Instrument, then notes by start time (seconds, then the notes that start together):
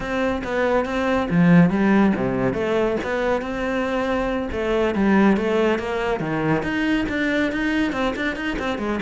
cello
0.00 C4
0.44 B3
0.85 C4
1.30 F3
1.70 G3
2.15 C3
2.53 A3
3.03 B3
3.41 C4
4.52 A3
4.95 G3
5.36 A3
5.78 A#3
6.20 D#3
6.62 D#4
7.09 D4
7.52 D#4
7.92 C4
8.16 D4
8.36 D#4
8.58 C4
8.78 G#3